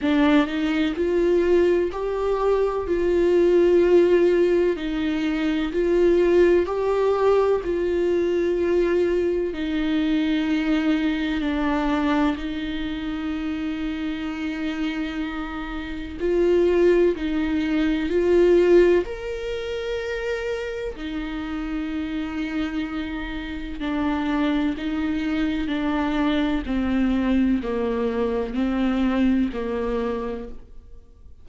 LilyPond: \new Staff \with { instrumentName = "viola" } { \time 4/4 \tempo 4 = 63 d'8 dis'8 f'4 g'4 f'4~ | f'4 dis'4 f'4 g'4 | f'2 dis'2 | d'4 dis'2.~ |
dis'4 f'4 dis'4 f'4 | ais'2 dis'2~ | dis'4 d'4 dis'4 d'4 | c'4 ais4 c'4 ais4 | }